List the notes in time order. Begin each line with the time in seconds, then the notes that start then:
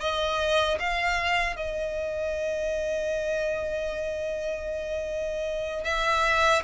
0.00 D#5
0.79 F5
1.56 D#5
5.84 E5